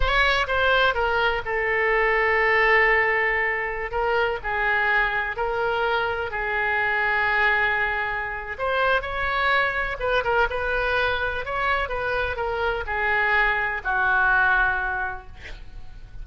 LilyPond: \new Staff \with { instrumentName = "oboe" } { \time 4/4 \tempo 4 = 126 cis''4 c''4 ais'4 a'4~ | a'1~ | a'16 ais'4 gis'2 ais'8.~ | ais'4~ ais'16 gis'2~ gis'8.~ |
gis'2 c''4 cis''4~ | cis''4 b'8 ais'8 b'2 | cis''4 b'4 ais'4 gis'4~ | gis'4 fis'2. | }